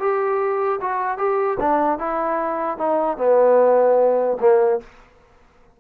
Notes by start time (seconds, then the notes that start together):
0.00 G4
0.81 F#4
1.18 G4
1.60 D4
1.99 E4
2.78 D#4
3.18 B3
4.41 A#3